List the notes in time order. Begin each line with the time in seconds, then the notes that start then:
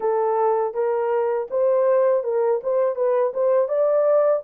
0.00 A4
0.73 A#4
1.50 C5
2.23 A#4
2.63 C5
2.95 B4
3.33 C5
3.68 D5